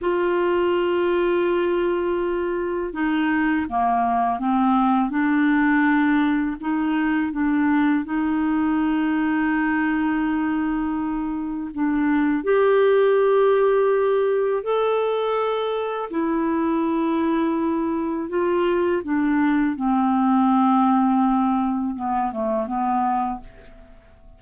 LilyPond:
\new Staff \with { instrumentName = "clarinet" } { \time 4/4 \tempo 4 = 82 f'1 | dis'4 ais4 c'4 d'4~ | d'4 dis'4 d'4 dis'4~ | dis'1 |
d'4 g'2. | a'2 e'2~ | e'4 f'4 d'4 c'4~ | c'2 b8 a8 b4 | }